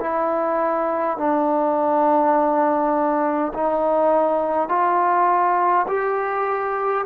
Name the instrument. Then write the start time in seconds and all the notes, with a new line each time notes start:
trombone
0.00 E4
1.17 D4
3.53 D#4
4.68 F4
5.88 G4